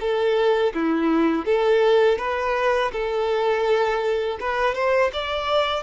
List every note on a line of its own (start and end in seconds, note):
0.00 0.73 A4
0.74 1.45 E4
1.45 2.18 A4
2.18 2.91 B4
2.92 4.38 A4
4.40 4.74 B4
4.74 5.11 C5
5.13 5.83 D5